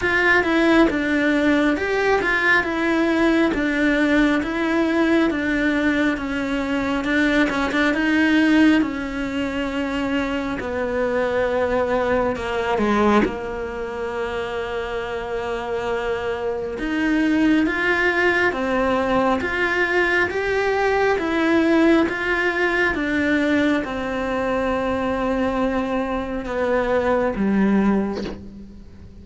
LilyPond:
\new Staff \with { instrumentName = "cello" } { \time 4/4 \tempo 4 = 68 f'8 e'8 d'4 g'8 f'8 e'4 | d'4 e'4 d'4 cis'4 | d'8 cis'16 d'16 dis'4 cis'2 | b2 ais8 gis8 ais4~ |
ais2. dis'4 | f'4 c'4 f'4 g'4 | e'4 f'4 d'4 c'4~ | c'2 b4 g4 | }